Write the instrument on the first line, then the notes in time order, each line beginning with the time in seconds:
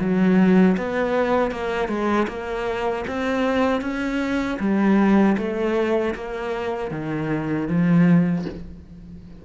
cello
0.00 F#3
0.78 B3
1.52 A#3
1.89 G#3
2.28 A#3
3.08 C4
3.81 C#4
4.60 G3
5.38 A3
6.15 A#3
6.91 D#3
7.69 F3